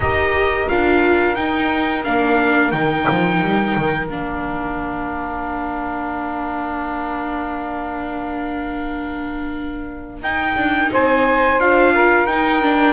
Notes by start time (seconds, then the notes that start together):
0.00 D#4 G4 A#4 D#5
0.68 D4 F4 F5
1.34 D#4 G5
2.04 A#3 D4 F5
2.71 D#3 D#4 G5
3.10 F3
3.41 G3
3.76 D#3
4.07 A#3 D4 F5
10.21 D#4 G5
10.56 D4
10.92 C4 C5 G#5
11.58 D4 F4 F5
11.93 A#4
12.25 D#4 G5
12.62 D4